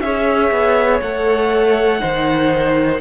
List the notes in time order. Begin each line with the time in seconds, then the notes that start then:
0.00 C#4 G#4 C#5 E5
0.50 B3
1.01 A3 A4 F#5
1.99 D#3 D#4 C5